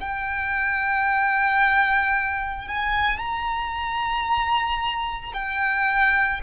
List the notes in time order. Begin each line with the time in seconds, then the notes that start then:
0.00 G5
2.68 G#5
3.19 A#5
5.34 G5